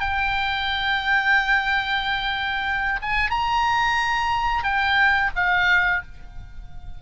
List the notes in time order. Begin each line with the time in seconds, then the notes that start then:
0.00 G5
3.02 G#5
3.30 A#5
4.64 G5
5.35 F5